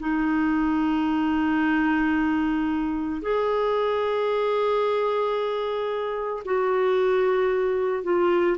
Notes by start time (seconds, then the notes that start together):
0.00 D#4
3.21 G#4
6.45 F#4
8.04 F4